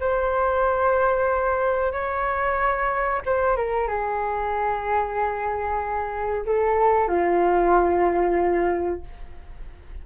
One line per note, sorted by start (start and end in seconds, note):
0.00 1.93 C5
1.93 3.22 C#5
3.26 3.57 C5
3.57 3.88 A#4
3.88 6.46 G#4
6.46 7.08 A4
7.08 9.01 F4